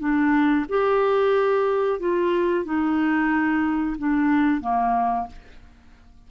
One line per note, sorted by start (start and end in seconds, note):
0.00 0.66 D4
0.69 2.00 G4
2.00 2.65 F4
2.65 3.97 D#4
3.98 4.61 D4
4.61 5.27 A#3